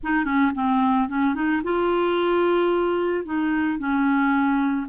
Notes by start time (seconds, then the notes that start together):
0.03 D#4
0.24 C#4
0.55 C4
1.09 C#4
1.34 D#4
1.63 F4
3.25 D#4
3.78 C#4